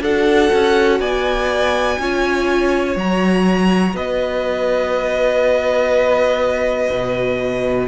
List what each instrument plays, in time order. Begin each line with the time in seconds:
0.00 cello D4, viola F#4, violin A4 F#5
0.53 cello C#4
1.00 cello B3, violin D5 G#5
1.98 cello C#4, viola F4, violin C#5
2.96 cello F#3, viola F#4, violin A#5
3.93 cello B3, violin B4 D#5
6.90 cello B2